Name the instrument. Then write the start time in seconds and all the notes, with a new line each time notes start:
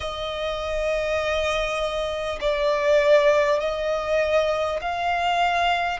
violin
0.00 D#5
2.41 D5
3.60 D#5
4.81 F5